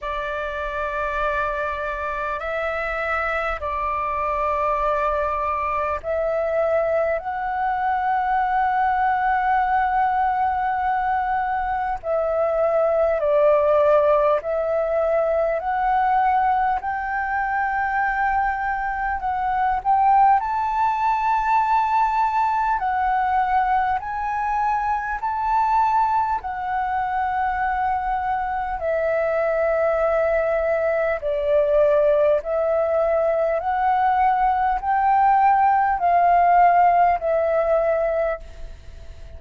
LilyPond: \new Staff \with { instrumentName = "flute" } { \time 4/4 \tempo 4 = 50 d''2 e''4 d''4~ | d''4 e''4 fis''2~ | fis''2 e''4 d''4 | e''4 fis''4 g''2 |
fis''8 g''8 a''2 fis''4 | gis''4 a''4 fis''2 | e''2 d''4 e''4 | fis''4 g''4 f''4 e''4 | }